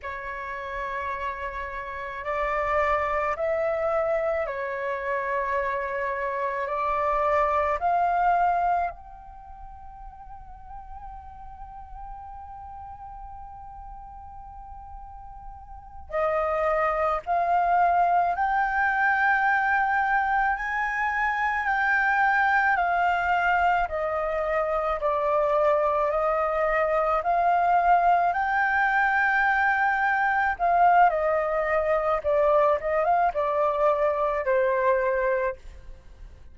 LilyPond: \new Staff \with { instrumentName = "flute" } { \time 4/4 \tempo 4 = 54 cis''2 d''4 e''4 | cis''2 d''4 f''4 | g''1~ | g''2~ g''8 dis''4 f''8~ |
f''8 g''2 gis''4 g''8~ | g''8 f''4 dis''4 d''4 dis''8~ | dis''8 f''4 g''2 f''8 | dis''4 d''8 dis''16 f''16 d''4 c''4 | }